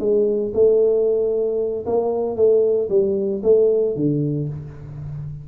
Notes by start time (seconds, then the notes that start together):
0.00 G#3
0.54 A3
1.86 A#3
2.37 A3
2.90 G3
3.44 A3
3.96 D3